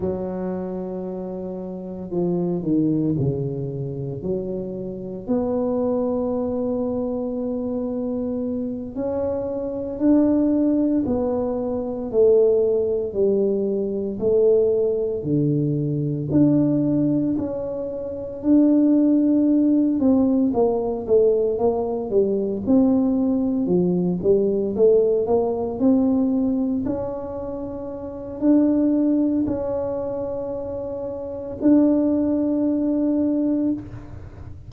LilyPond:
\new Staff \with { instrumentName = "tuba" } { \time 4/4 \tempo 4 = 57 fis2 f8 dis8 cis4 | fis4 b2.~ | b8 cis'4 d'4 b4 a8~ | a8 g4 a4 d4 d'8~ |
d'8 cis'4 d'4. c'8 ais8 | a8 ais8 g8 c'4 f8 g8 a8 | ais8 c'4 cis'4. d'4 | cis'2 d'2 | }